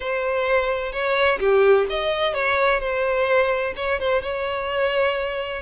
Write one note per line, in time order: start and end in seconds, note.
0.00 0.92 C5
0.92 1.39 C#5
1.39 1.86 G4
1.89 2.34 D#5
2.34 2.80 C#5
2.80 3.73 C5
3.76 3.99 C#5
3.99 4.22 C5
4.22 5.62 C#5